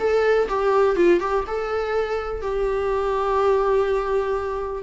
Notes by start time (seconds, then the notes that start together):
0.00 A4
0.49 G4
0.96 F4
1.21 G4
1.47 A4
2.42 G4